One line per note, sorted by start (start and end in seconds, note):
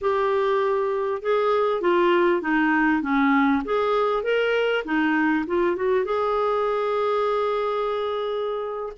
0.01 1.21 G4
1.21 1.81 G#4
1.81 2.41 F4
2.41 3.02 D#4
3.02 3.62 C#4
3.64 4.23 G#4
4.23 4.83 A#4
4.84 5.45 D#4
5.47 5.76 F4
5.76 6.04 F#4
6.04 8.92 G#4